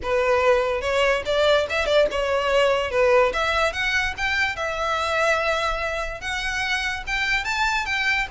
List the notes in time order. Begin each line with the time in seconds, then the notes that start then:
0.03 B4
0.81 C#5
1.25 D5
1.69 E5
1.85 D5
2.11 C#5
2.90 B4
3.33 E5
3.72 F#5
4.17 G5
4.56 E5
6.20 F#5
7.06 G5
7.44 A5
7.85 G5